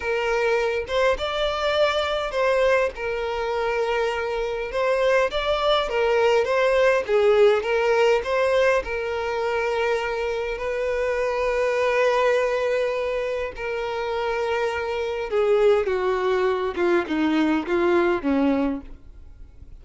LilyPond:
\new Staff \with { instrumentName = "violin" } { \time 4/4 \tempo 4 = 102 ais'4. c''8 d''2 | c''4 ais'2. | c''4 d''4 ais'4 c''4 | gis'4 ais'4 c''4 ais'4~ |
ais'2 b'2~ | b'2. ais'4~ | ais'2 gis'4 fis'4~ | fis'8 f'8 dis'4 f'4 cis'4 | }